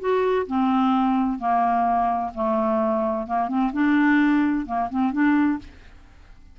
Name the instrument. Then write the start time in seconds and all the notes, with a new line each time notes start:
clarinet
0.00 F#4
0.47 C4
1.39 A#3
2.34 A3
3.27 A#3
3.48 C4
3.73 D4
4.66 A#3
4.90 C4
5.12 D4